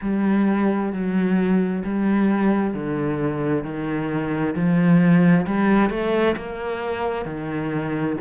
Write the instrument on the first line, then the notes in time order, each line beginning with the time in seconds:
cello
0.01 G3
0.92 F#3
1.84 G3
2.74 D3
3.64 D#3
4.55 F3
5.46 G3
5.90 A3
6.36 A#3
7.25 D#3